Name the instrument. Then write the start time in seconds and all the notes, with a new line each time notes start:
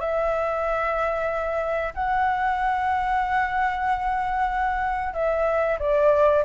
flute
0.00 E5
1.94 F#5
5.13 E5
5.79 D5